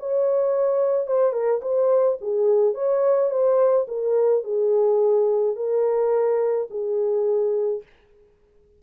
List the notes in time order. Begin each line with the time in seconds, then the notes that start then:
0.00 C#5
1.08 C5
1.33 A#4
1.62 C5
2.21 G#4
2.75 C#5
3.31 C5
3.88 A#4
4.44 G#4
5.56 A#4
6.71 G#4